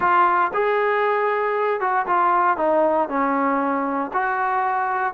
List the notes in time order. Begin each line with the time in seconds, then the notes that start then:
0.00 F4
0.53 G#4
1.80 F#4
2.06 F4
2.57 D#4
3.08 C#4
4.13 F#4